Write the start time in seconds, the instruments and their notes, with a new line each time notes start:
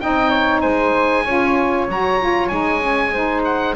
0.00 double bass C4, saxophone D#4, flute D#5, oboe G5
0.30 flute C#5
0.61 double bass G#3, flute C5, oboe G#5
1.25 double bass C#4, saxophone F4, flute C#5
1.88 double bass F#3, saxophone F#4, oboe A#5
2.20 saxophone F4
2.48 double bass G#3, saxophone D#4, oboe G#5
2.81 saxophone C#4
3.13 saxophone D#4, flute C5
3.44 oboe F#5